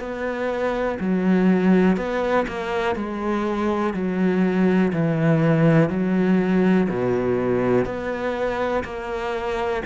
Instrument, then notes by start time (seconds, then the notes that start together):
cello
0.00 B3
1.01 F#3
1.97 B3
2.48 A#3
2.96 G#3
3.94 F#3
4.93 E3
5.90 F#3
6.89 B2
7.86 B3
8.84 A#3